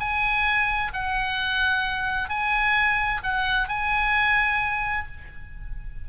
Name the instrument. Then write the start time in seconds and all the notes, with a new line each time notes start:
oboe
0.00 G#5
0.94 F#5
2.30 G#5
3.24 F#5
3.69 G#5